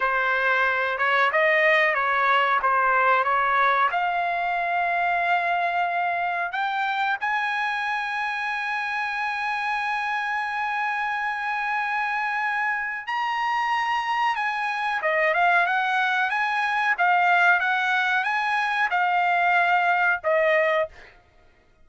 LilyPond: \new Staff \with { instrumentName = "trumpet" } { \time 4/4 \tempo 4 = 92 c''4. cis''8 dis''4 cis''4 | c''4 cis''4 f''2~ | f''2 g''4 gis''4~ | gis''1~ |
gis''1 | ais''2 gis''4 dis''8 f''8 | fis''4 gis''4 f''4 fis''4 | gis''4 f''2 dis''4 | }